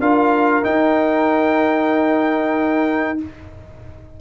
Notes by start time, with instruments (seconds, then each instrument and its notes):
0.00 tuba D4, trombone F4, horn A#4, trumpet F5
0.63 trombone D#4, tuba D#4, trumpet G5